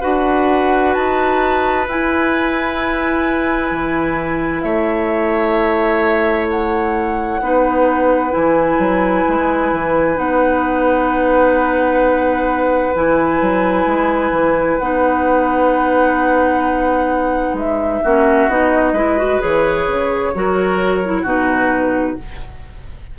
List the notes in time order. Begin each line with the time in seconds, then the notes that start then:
0.00 D4 F#4 B4 F#5
0.93 D#4 A5
1.87 E4 G#5
3.71 E3
4.61 A3 C#5 E5
6.50 F#5
7.40 B3 D#4 B4
8.31 E3 E4 G#5
8.78 F#3
9.28 G#3
9.72 E3
10.15 B3 D#4 F#5
12.95 E3 E4 G#5
13.41 F#3
13.86 G#3
14.31 E3
14.78 B3 D#4 F#5
17.53 G#3 E5
18.02 A#3 C#4 F#4
18.48 B3 D#4 D#5
18.92 G#3 E4 B4
19.18 F#4
19.41 E3 G#4 C#5
19.87 C#3
20.34 F#3 F#4 A#4
21.05 E4
21.22 B2 D#4 F#4 B4